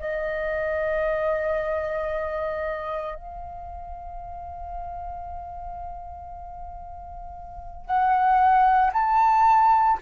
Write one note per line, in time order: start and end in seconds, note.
0.00 3.15 D#5
3.15 7.86 F5
7.86 8.91 F#5
8.93 9.99 A5